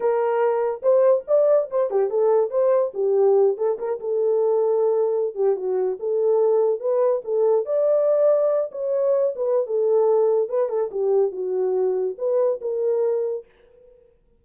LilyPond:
\new Staff \with { instrumentName = "horn" } { \time 4/4 \tempo 4 = 143 ais'2 c''4 d''4 | c''8 g'8 a'4 c''4 g'4~ | g'8 a'8 ais'8 a'2~ a'8~ | a'8. g'8 fis'4 a'4.~ a'16~ |
a'16 b'4 a'4 d''4.~ d''16~ | d''8. cis''4. b'8. a'4~ | a'4 b'8 a'8 g'4 fis'4~ | fis'4 b'4 ais'2 | }